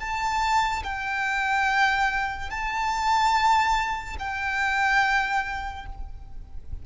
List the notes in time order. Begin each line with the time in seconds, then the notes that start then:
0.00 A5
0.84 G5
2.50 A5
4.20 G5